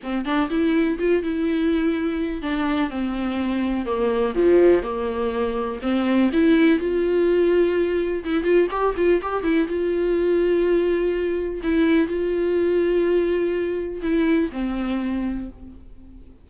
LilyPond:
\new Staff \with { instrumentName = "viola" } { \time 4/4 \tempo 4 = 124 c'8 d'8 e'4 f'8 e'4.~ | e'4 d'4 c'2 | ais4 f4 ais2 | c'4 e'4 f'2~ |
f'4 e'8 f'8 g'8 f'8 g'8 e'8 | f'1 | e'4 f'2.~ | f'4 e'4 c'2 | }